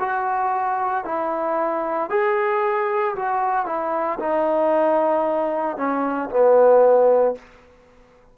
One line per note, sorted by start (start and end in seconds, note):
0.00 1.05 F#4
1.05 2.10 E4
2.10 3.15 G#4
3.16 3.67 F#4
3.67 4.19 E4
4.20 5.78 D#4
5.78 6.30 C#4
6.30 7.35 B3